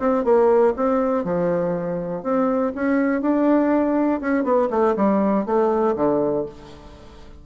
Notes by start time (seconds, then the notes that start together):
0.00 C4
0.25 A#3
0.77 C4
1.25 F3
2.23 C4
2.75 C#4
3.22 D4
4.21 C#4
4.44 B3
4.71 A3
4.97 G3
5.46 A3
5.96 D3